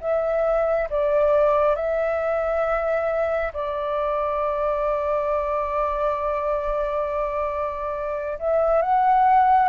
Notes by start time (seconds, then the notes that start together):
0.00 E5
0.89 D5
1.75 E5
3.53 D5
8.39 E5
8.82 F#5